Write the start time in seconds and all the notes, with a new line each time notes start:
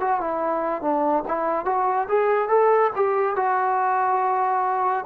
0.00 F#4
0.20 E4
0.81 D4
1.28 E4
1.65 F#4
2.09 G#4
2.49 A4
2.96 G4
3.36 F#4